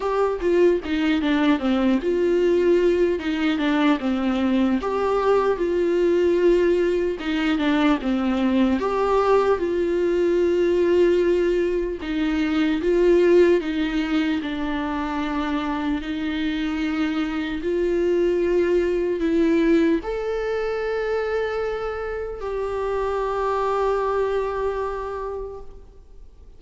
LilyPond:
\new Staff \with { instrumentName = "viola" } { \time 4/4 \tempo 4 = 75 g'8 f'8 dis'8 d'8 c'8 f'4. | dis'8 d'8 c'4 g'4 f'4~ | f'4 dis'8 d'8 c'4 g'4 | f'2. dis'4 |
f'4 dis'4 d'2 | dis'2 f'2 | e'4 a'2. | g'1 | }